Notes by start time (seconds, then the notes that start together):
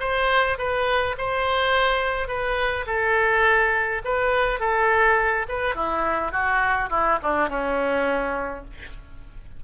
0.00 C5
0.58 B4
1.18 C5
2.28 B4
2.87 A4
4.04 B4
4.60 A4
5.49 B4
5.75 E4
6.32 F#4
6.90 E4
7.22 D4
7.49 C#4